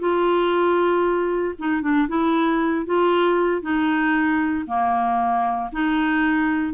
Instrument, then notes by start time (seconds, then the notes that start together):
clarinet
0.00 F4
1.59 D#4
1.82 D4
2.09 E4
2.87 F4
3.62 D#4
4.68 A#3
5.73 D#4